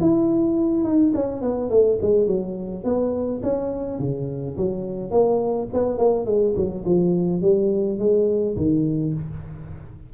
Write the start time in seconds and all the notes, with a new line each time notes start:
0.00 E4
0.84 D#4
1.14 C#4
1.42 B3
1.70 A3
2.01 G#3
2.26 F#3
2.84 B3
3.43 C#4
3.99 C#3
4.57 F#3
5.10 A#3
5.73 B3
5.98 A#3
6.25 G#3
6.56 F#3
6.85 F3
7.42 G3
7.98 G#3
8.56 D#3